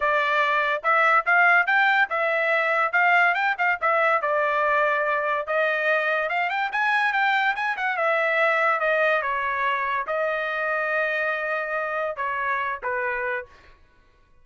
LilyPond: \new Staff \with { instrumentName = "trumpet" } { \time 4/4 \tempo 4 = 143 d''2 e''4 f''4 | g''4 e''2 f''4 | g''8 f''8 e''4 d''2~ | d''4 dis''2 f''8 g''8 |
gis''4 g''4 gis''8 fis''8 e''4~ | e''4 dis''4 cis''2 | dis''1~ | dis''4 cis''4. b'4. | }